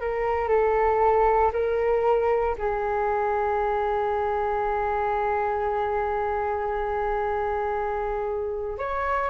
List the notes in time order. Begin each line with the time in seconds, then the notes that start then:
0.00 A#4
0.48 A4
1.52 A#4
2.58 G#4
8.78 C#5